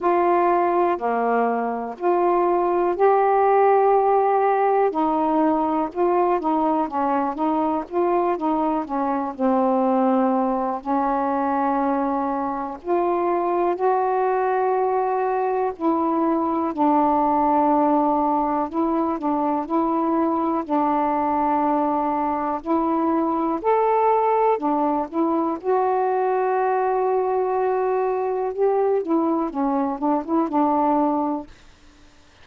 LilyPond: \new Staff \with { instrumentName = "saxophone" } { \time 4/4 \tempo 4 = 61 f'4 ais4 f'4 g'4~ | g'4 dis'4 f'8 dis'8 cis'8 dis'8 | f'8 dis'8 cis'8 c'4. cis'4~ | cis'4 f'4 fis'2 |
e'4 d'2 e'8 d'8 | e'4 d'2 e'4 | a'4 d'8 e'8 fis'2~ | fis'4 g'8 e'8 cis'8 d'16 e'16 d'4 | }